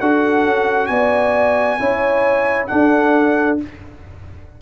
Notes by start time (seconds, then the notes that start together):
0.00 D4 F#4 A4 F#5
0.44 C#4
0.86 B3 D5 G#5
1.79 C#4 E4 C#5
2.67 D4 A4 F#5